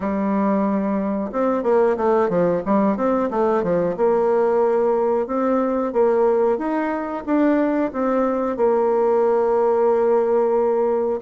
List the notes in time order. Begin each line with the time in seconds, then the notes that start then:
0.00 G3
1.32 C4
1.63 A#3
1.97 A3
2.29 F3
2.65 G3
2.96 C4
3.30 A3
3.63 F3
3.96 A#3
5.27 C4
5.92 A#3
6.58 D#4
7.25 D4
7.93 C4
8.56 A#3